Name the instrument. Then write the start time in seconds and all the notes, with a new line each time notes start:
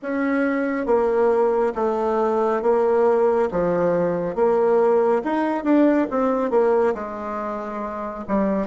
bassoon
0.02 C#4
0.86 A#3
1.75 A3
2.62 A#3
3.51 F3
4.35 A#3
5.24 D#4
5.63 D4
6.10 C4
6.50 A#3
6.94 G#3
8.28 G3